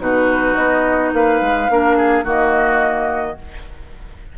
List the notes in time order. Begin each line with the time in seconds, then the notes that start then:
0.00 B2 D#4 F#4 B4
0.55 B3 D#5
1.14 A#3 B4 F5
1.41 G#3
1.70 A#3 D4 A#4
1.97 G#4
2.25 D#3 A#3 F#4 D#5